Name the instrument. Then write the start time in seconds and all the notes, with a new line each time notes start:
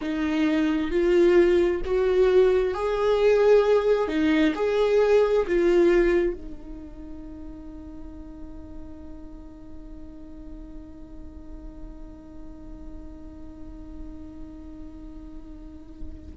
viola
0.01 D#4
0.90 F4
1.84 F#4
2.74 G#4
4.07 D#4
4.55 G#4
5.47 F4
6.33 D#4